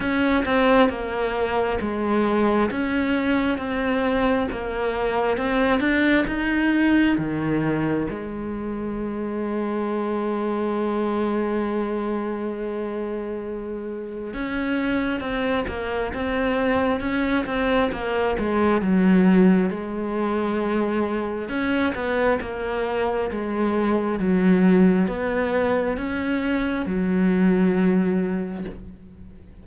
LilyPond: \new Staff \with { instrumentName = "cello" } { \time 4/4 \tempo 4 = 67 cis'8 c'8 ais4 gis4 cis'4 | c'4 ais4 c'8 d'8 dis'4 | dis4 gis2.~ | gis1 |
cis'4 c'8 ais8 c'4 cis'8 c'8 | ais8 gis8 fis4 gis2 | cis'8 b8 ais4 gis4 fis4 | b4 cis'4 fis2 | }